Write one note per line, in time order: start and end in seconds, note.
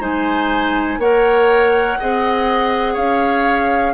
0.00 0.98 G#3
0.00 0.99 D#4
0.00 0.99 C5
0.00 1.00 G#5
0.98 1.97 A#3
0.98 2.00 A#4
0.98 1.99 C#5
0.98 2.97 F#5
2.00 2.97 C4
2.00 3.94 G#4
2.00 2.94 D#5
2.94 3.94 C#4
2.94 3.92 C#5
2.94 3.94 F5